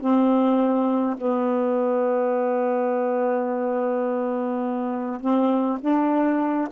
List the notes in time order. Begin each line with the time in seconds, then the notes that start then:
0.00 C4
1.17 B3
5.20 C4
5.81 D4